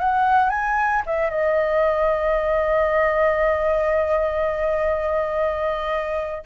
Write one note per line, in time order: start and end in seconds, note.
0.00 0.50 F#5
0.50 1.03 G#5
1.06 1.30 E5
1.30 6.44 D#5